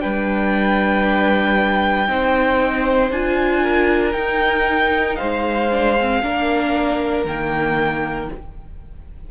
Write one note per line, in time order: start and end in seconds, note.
0.00 2.08 G3
0.00 2.07 D4
0.00 2.08 B4
0.00 3.10 G5
2.07 3.11 C4
2.07 3.11 D#4
2.07 3.63 C5
3.11 4.14 D4
3.11 4.13 F4
3.11 4.12 G#5
3.63 5.17 A#4
4.12 5.68 D#4
4.12 5.18 D#4
4.12 5.16 G5
5.16 6.23 G#3
5.16 6.21 C5
5.16 7.23 F5
5.71 5.97 D4
6.00 6.22 C4
6.22 7.25 A#3
6.22 7.26 D4
6.22 8.30 A#4
7.25 8.28 D#3
7.25 8.31 A#3
7.25 8.30 G5